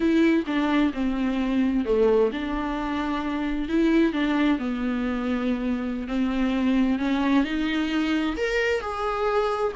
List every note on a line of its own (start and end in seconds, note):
0.00 0.44 E4
0.46 0.92 D4
0.93 1.85 C4
1.85 2.31 A3
2.32 3.68 D4
3.68 4.13 E4
4.13 4.58 D4
4.58 6.07 B3
6.07 6.98 C4
6.98 7.44 C#4
7.44 8.36 D#4
8.36 8.80 A#4
8.80 9.72 G#4